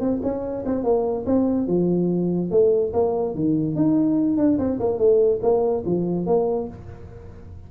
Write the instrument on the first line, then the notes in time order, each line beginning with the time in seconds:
tuba
0.00 C4
0.23 C#4
0.65 C4
0.84 A#3
1.26 C4
1.67 F3
2.51 A3
2.93 A#3
3.35 D#3
3.75 D#4
4.37 D4
4.58 C4
4.80 A#3
4.98 A3
5.42 A#3
5.85 F3
6.26 A#3